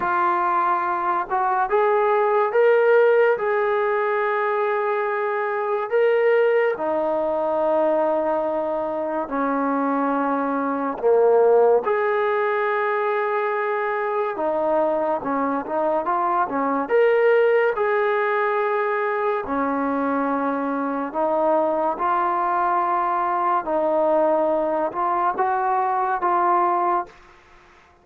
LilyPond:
\new Staff \with { instrumentName = "trombone" } { \time 4/4 \tempo 4 = 71 f'4. fis'8 gis'4 ais'4 | gis'2. ais'4 | dis'2. cis'4~ | cis'4 ais4 gis'2~ |
gis'4 dis'4 cis'8 dis'8 f'8 cis'8 | ais'4 gis'2 cis'4~ | cis'4 dis'4 f'2 | dis'4. f'8 fis'4 f'4 | }